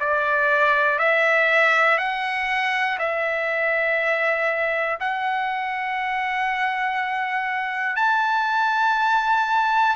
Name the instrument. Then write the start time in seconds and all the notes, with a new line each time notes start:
trumpet
0.00 D5
0.99 E5
1.99 F#5
2.99 E5
5.00 F#5
7.96 A5